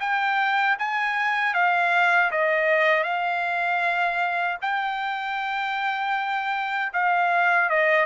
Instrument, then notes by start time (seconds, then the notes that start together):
trumpet
0.00 G5
0.79 G#5
1.54 F5
2.31 D#5
3.04 F5
4.62 G5
6.93 F5
7.70 D#5